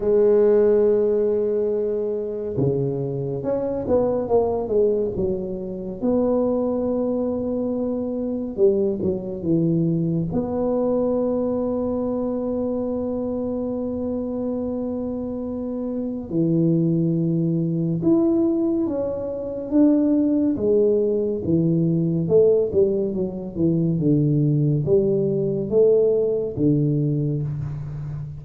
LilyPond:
\new Staff \with { instrumentName = "tuba" } { \time 4/4 \tempo 4 = 70 gis2. cis4 | cis'8 b8 ais8 gis8 fis4 b4~ | b2 g8 fis8 e4 | b1~ |
b2. e4~ | e4 e'4 cis'4 d'4 | gis4 e4 a8 g8 fis8 e8 | d4 g4 a4 d4 | }